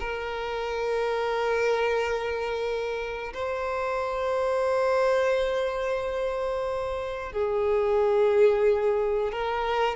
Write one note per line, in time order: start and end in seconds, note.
0.00 3.33 A#4
3.34 7.33 C5
7.33 9.32 G#4
9.32 9.97 A#4